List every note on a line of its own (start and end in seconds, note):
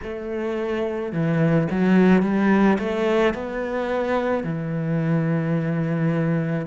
0.03 1.12 A3
1.12 1.67 E3
1.70 2.22 F#3
2.22 2.78 G3
2.78 3.33 A3
3.33 4.43 B3
4.43 6.66 E3